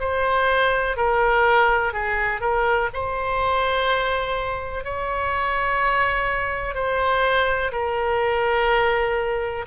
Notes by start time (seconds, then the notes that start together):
0.00 C5
0.97 A#4
1.93 G#4
2.41 A#4
2.93 C5
4.84 C#5
6.74 C5
7.72 A#4